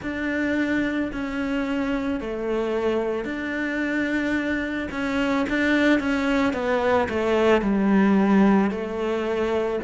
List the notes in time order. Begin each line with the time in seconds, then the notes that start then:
0.02 D4
1.12 C#4
2.20 A3
3.24 D4
4.91 C#4
5.49 D4
6.00 C#4
6.53 B3
7.09 A3
7.61 G3
8.70 A3